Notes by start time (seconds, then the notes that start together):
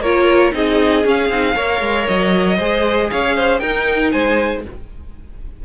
0.00 A#3 F4 A#4 C#5
0.53 C4 D#4 G#4 D#5
1.04 C#4 F5
1.30 C4 D#4
1.55 A#3 A#4 C#5
1.81 G#3
2.07 F#3 D#5
2.57 G#3 G#4 C5
3.11 C#4 C#5 F5
3.35 C5
3.59 D#4 A#4 G5
4.11 G#3 C5 G#5